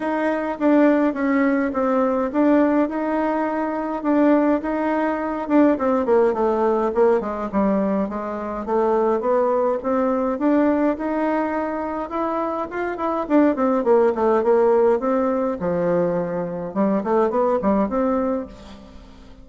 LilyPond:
\new Staff \with { instrumentName = "bassoon" } { \time 4/4 \tempo 4 = 104 dis'4 d'4 cis'4 c'4 | d'4 dis'2 d'4 | dis'4. d'8 c'8 ais8 a4 | ais8 gis8 g4 gis4 a4 |
b4 c'4 d'4 dis'4~ | dis'4 e'4 f'8 e'8 d'8 c'8 | ais8 a8 ais4 c'4 f4~ | f4 g8 a8 b8 g8 c'4 | }